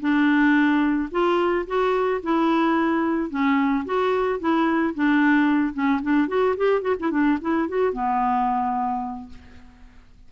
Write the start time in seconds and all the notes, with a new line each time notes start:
0.00 D4
1.11 F4
1.66 F#4
2.22 E4
3.30 C#4
3.85 F#4
4.39 E4
4.94 D4
5.73 C#4
6.02 D4
6.28 F#4
6.57 G4
6.81 F#4
6.99 E4
7.11 D4
7.41 E4
7.68 F#4
7.93 B3